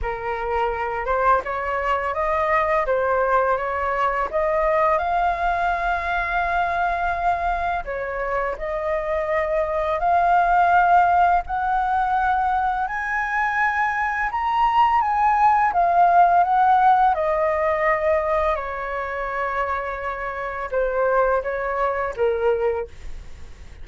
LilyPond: \new Staff \with { instrumentName = "flute" } { \time 4/4 \tempo 4 = 84 ais'4. c''8 cis''4 dis''4 | c''4 cis''4 dis''4 f''4~ | f''2. cis''4 | dis''2 f''2 |
fis''2 gis''2 | ais''4 gis''4 f''4 fis''4 | dis''2 cis''2~ | cis''4 c''4 cis''4 ais'4 | }